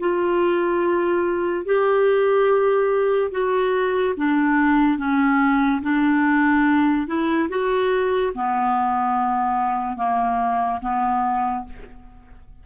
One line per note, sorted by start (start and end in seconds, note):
0.00 1.66 F4
1.66 3.31 G4
3.31 4.15 F#4
4.17 4.98 D4
4.98 5.81 C#4
5.82 7.07 D4
7.07 7.49 E4
7.49 8.33 F#4
8.34 9.97 B3
9.97 10.80 A#3
10.81 11.65 B3